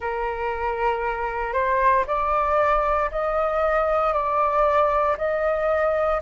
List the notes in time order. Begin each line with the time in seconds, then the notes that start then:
0.00 A#4
1.53 C5
2.06 D5
3.11 D#5
4.13 D5
5.17 D#5